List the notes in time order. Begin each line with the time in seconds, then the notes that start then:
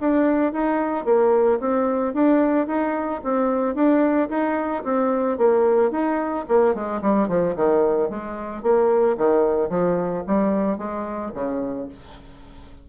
0.00 D4
0.52 D#4
1.05 A#3
1.59 C4
2.14 D4
2.67 D#4
3.24 C4
3.75 D4
4.29 D#4
4.84 C4
5.37 A#3
5.91 D#4
6.48 A#3
6.74 G#3
7.01 G3
7.28 F3
7.56 D#3
8.10 G#3
8.62 A#3
9.17 D#3
9.69 F3
10.27 G3
10.77 G#3
11.34 C#3